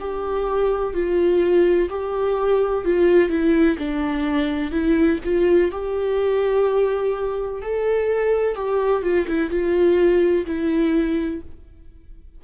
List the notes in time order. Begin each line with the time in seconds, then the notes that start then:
0.00 G4
0.94 F4
1.90 G4
2.84 F4
3.29 E4
3.78 D4
4.72 E4
5.24 F4
5.72 G4
7.62 A4
8.55 G4
9.03 F4
9.27 E4
9.50 F4
10.46 E4